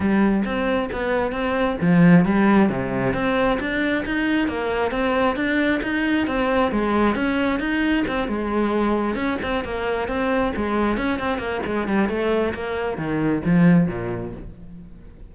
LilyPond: \new Staff \with { instrumentName = "cello" } { \time 4/4 \tempo 4 = 134 g4 c'4 b4 c'4 | f4 g4 c4 c'4 | d'4 dis'4 ais4 c'4 | d'4 dis'4 c'4 gis4 |
cis'4 dis'4 c'8 gis4.~ | gis8 cis'8 c'8 ais4 c'4 gis8~ | gis8 cis'8 c'8 ais8 gis8 g8 a4 | ais4 dis4 f4 ais,4 | }